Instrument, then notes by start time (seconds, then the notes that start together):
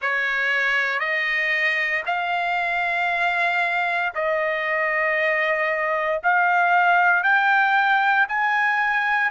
trumpet
0.01 C#5
0.99 D#5
2.05 F5
4.14 D#5
6.23 F5
7.23 G5
8.28 G#5